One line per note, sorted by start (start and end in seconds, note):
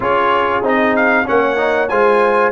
0.00 0.62 C#4
0.00 0.63 F4
0.00 1.27 G#4
0.00 0.65 C#5
0.62 1.25 C4
0.62 1.25 D#4
0.62 0.96 D#5
0.96 1.27 F5
1.25 1.91 A#3
1.25 1.56 C#4
1.25 1.90 C#5
1.25 1.88 F#5
1.56 1.88 D#4
1.88 2.51 G#3
1.88 2.51 F4
1.88 2.51 C5
1.88 2.51 G#5